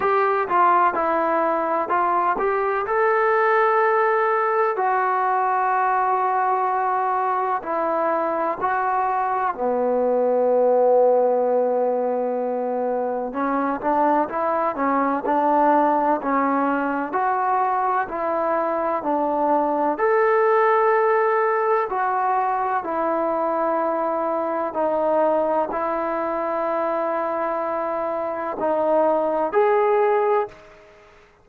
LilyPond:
\new Staff \with { instrumentName = "trombone" } { \time 4/4 \tempo 4 = 63 g'8 f'8 e'4 f'8 g'8 a'4~ | a'4 fis'2. | e'4 fis'4 b2~ | b2 cis'8 d'8 e'8 cis'8 |
d'4 cis'4 fis'4 e'4 | d'4 a'2 fis'4 | e'2 dis'4 e'4~ | e'2 dis'4 gis'4 | }